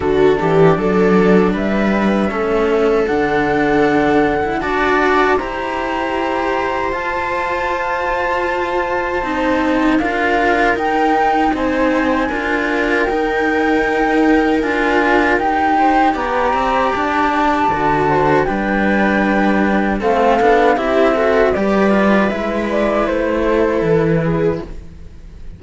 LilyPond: <<
  \new Staff \with { instrumentName = "flute" } { \time 4/4 \tempo 4 = 78 a'4 d''4 e''2 | fis''2 a''4 ais''4~ | ais''4 a''2.~ | a''4 f''4 g''4 gis''4~ |
gis''4 g''2 gis''4 | g''4 ais''4 a''2 | g''2 f''4 e''4 | d''4 e''8 d''8 c''4 b'4 | }
  \new Staff \with { instrumentName = "viola" } { \time 4/4 fis'8 g'8 a'4 b'4 a'4~ | a'2 d''4 c''4~ | c''1~ | c''4 ais'2 c''4 |
ais'1~ | ais'8 c''8 d''2~ d''8 c''8 | b'2 a'4 g'8 a'8 | b'2~ b'8 a'4 gis'8 | }
  \new Staff \with { instrumentName = "cello" } { \time 4/4 d'2. cis'4 | d'4.~ d'16 e'16 fis'4 g'4~ | g'4 f'2. | dis'4 f'4 dis'2 |
f'4 dis'2 f'4 | g'2. fis'4 | d'2 c'8 d'8 e'8 fis'8 | g'8 f'8 e'2. | }
  \new Staff \with { instrumentName = "cello" } { \time 4/4 d8 e8 fis4 g4 a4 | d2 d'4 e'4~ | e'4 f'2. | c'4 d'4 dis'4 c'4 |
d'4 dis'2 d'4 | dis'4 b8 c'8 d'4 d4 | g2 a8 b8 c'4 | g4 gis4 a4 e4 | }
>>